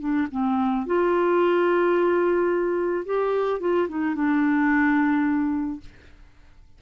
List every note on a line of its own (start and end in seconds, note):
0.00 0.28 D4
0.31 0.86 C4
0.86 3.06 F4
3.06 3.60 G4
3.60 3.88 F4
3.89 4.15 D#4
4.15 5.80 D4